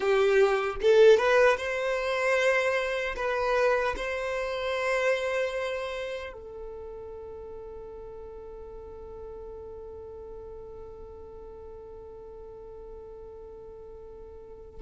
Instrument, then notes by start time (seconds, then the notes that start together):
violin
0.00 G4
0.81 A4
1.17 B4
1.57 C5
3.16 B4
3.96 C5
6.32 A4